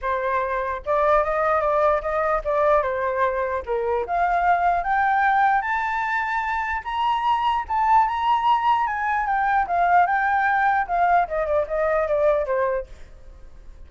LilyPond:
\new Staff \with { instrumentName = "flute" } { \time 4/4 \tempo 4 = 149 c''2 d''4 dis''4 | d''4 dis''4 d''4 c''4~ | c''4 ais'4 f''2 | g''2 a''2~ |
a''4 ais''2 a''4 | ais''2 gis''4 g''4 | f''4 g''2 f''4 | dis''8 d''8 dis''4 d''4 c''4 | }